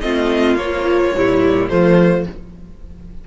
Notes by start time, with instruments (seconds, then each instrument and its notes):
0.00 cello A3, viola C4, violin F4 D#5
0.55 viola F3, cello A#3, violin C#5
1.14 cello A#2, viola G3, violin E4
1.68 cello F3, viola A3, violin F4 C5